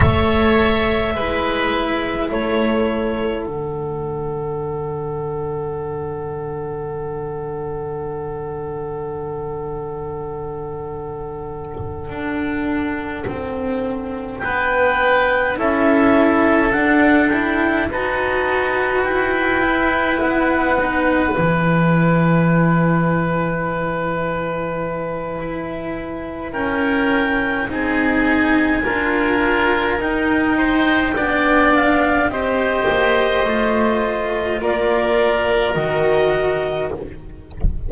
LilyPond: <<
  \new Staff \with { instrumentName = "clarinet" } { \time 4/4 \tempo 4 = 52 e''2 cis''4 fis''4~ | fis''1~ | fis''1~ | fis''8 g''4 e''4 fis''8 g''8 a''8~ |
a''8 g''4 fis''4 gis''4.~ | gis''2. g''4 | gis''2 g''4. f''8 | dis''2 d''4 dis''4 | }
  \new Staff \with { instrumentName = "oboe" } { \time 4/4 cis''4 b'4 a'2~ | a'1~ | a'1~ | a'8 b'4 a'2 b'8~ |
b'1~ | b'2. ais'4 | gis'4 ais'4. c''8 d''4 | c''2 ais'2 | }
  \new Staff \with { instrumentName = "cello" } { \time 4/4 a'4 e'2 d'4~ | d'1~ | d'1~ | d'4. e'4 d'8 e'8 fis'8~ |
fis'4 e'4 dis'8 e'4.~ | e'1 | dis'4 f'4 dis'4 d'4 | g'4 f'2 fis'4 | }
  \new Staff \with { instrumentName = "double bass" } { \time 4/4 a4 gis4 a4 d4~ | d1~ | d2~ d8 d'4 c'8~ | c'8 b4 cis'4 d'4 dis'8~ |
dis'8 e'4 b4 e4.~ | e2 e'4 cis'4 | c'4 d'4 dis'4 b4 | c'8 ais8 a4 ais4 dis4 | }
>>